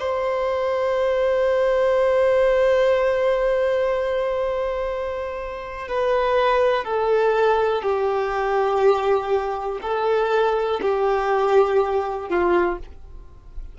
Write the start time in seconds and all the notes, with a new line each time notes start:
0.00 C5
5.88 B4
6.85 A4
7.83 G4
9.82 A4
10.82 G4
12.30 F4